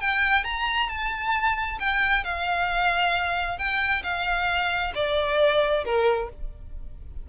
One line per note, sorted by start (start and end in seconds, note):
0.00 0.44 G5
0.44 0.88 A#5
0.89 1.78 A5
1.79 2.24 G5
2.24 3.58 F5
3.58 4.03 G5
4.03 4.92 F5
4.95 5.84 D5
5.84 6.29 A#4